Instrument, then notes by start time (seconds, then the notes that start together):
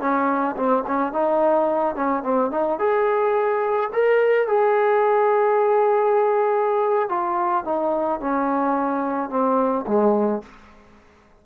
trombone
0.00 C#4
0.56 C4
0.87 C#4
1.13 D#4
1.95 C#4
2.23 C4
2.51 D#4
2.79 G#4
3.93 A#4
4.47 G#4
7.09 F4
7.65 D#4
8.20 C#4
9.30 C4
9.87 G#3